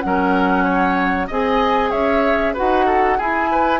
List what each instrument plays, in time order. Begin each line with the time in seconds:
0.00 bassoon F#3, clarinet C#4, oboe A#4, flute F#5
0.64 oboe C#5
1.27 bassoon C4, clarinet G#4, oboe D#5, flute G#5
1.90 bassoon C#4, oboe C#5, flute E5
2.53 clarinet F#4, oboe B4, flute F#5
2.60 bassoon D#4
2.86 oboe A4
3.17 bassoon E4, clarinet E4, oboe G#4, flute G#5
3.51 oboe B4